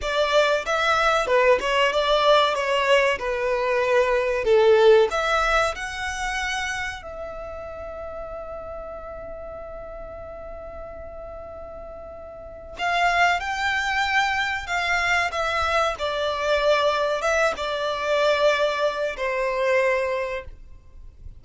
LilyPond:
\new Staff \with { instrumentName = "violin" } { \time 4/4 \tempo 4 = 94 d''4 e''4 b'8 cis''8 d''4 | cis''4 b'2 a'4 | e''4 fis''2 e''4~ | e''1~ |
e''1 | f''4 g''2 f''4 | e''4 d''2 e''8 d''8~ | d''2 c''2 | }